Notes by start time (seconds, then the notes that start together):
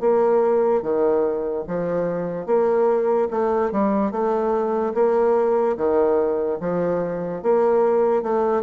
0.00 A#3
0.82 D#3
1.67 F3
2.46 A#3
3.30 A3
3.71 G3
4.11 A3
4.94 A#3
5.77 D#3
6.60 F3
7.42 A#3
8.22 A3